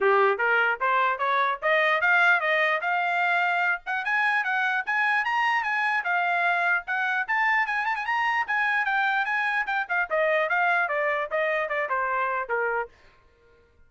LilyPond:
\new Staff \with { instrumentName = "trumpet" } { \time 4/4 \tempo 4 = 149 g'4 ais'4 c''4 cis''4 | dis''4 f''4 dis''4 f''4~ | f''4. fis''8 gis''4 fis''4 | gis''4 ais''4 gis''4 f''4~ |
f''4 fis''4 a''4 gis''8 a''16 gis''16 | ais''4 gis''4 g''4 gis''4 | g''8 f''8 dis''4 f''4 d''4 | dis''4 d''8 c''4. ais'4 | }